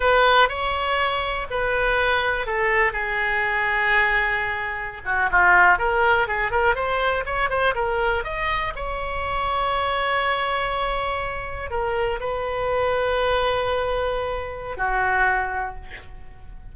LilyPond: \new Staff \with { instrumentName = "oboe" } { \time 4/4 \tempo 4 = 122 b'4 cis''2 b'4~ | b'4 a'4 gis'2~ | gis'2~ gis'16 fis'8 f'4 ais'16~ | ais'8. gis'8 ais'8 c''4 cis''8 c''8 ais'16~ |
ais'8. dis''4 cis''2~ cis''16~ | cis''2.~ cis''8. ais'16~ | ais'8. b'2.~ b'16~ | b'2 fis'2 | }